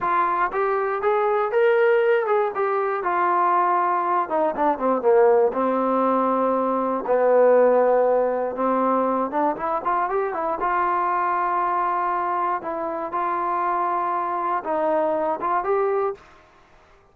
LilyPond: \new Staff \with { instrumentName = "trombone" } { \time 4/4 \tempo 4 = 119 f'4 g'4 gis'4 ais'4~ | ais'8 gis'8 g'4 f'2~ | f'8 dis'8 d'8 c'8 ais4 c'4~ | c'2 b2~ |
b4 c'4. d'8 e'8 f'8 | g'8 e'8 f'2.~ | f'4 e'4 f'2~ | f'4 dis'4. f'8 g'4 | }